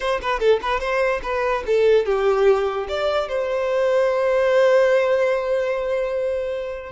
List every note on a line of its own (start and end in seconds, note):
0.00 0.20 C5
0.21 0.39 B4
0.39 0.59 A4
0.61 0.80 B4
0.80 1.20 C5
1.22 1.63 B4
1.66 2.05 A4
2.05 2.87 G4
2.88 3.28 D5
3.28 6.92 C5